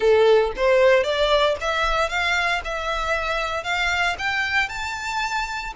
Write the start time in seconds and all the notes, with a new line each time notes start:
0.00 A4
0.56 C5
1.03 D5
1.60 E5
2.09 F5
2.64 E5
3.63 F5
4.18 G5
4.68 A5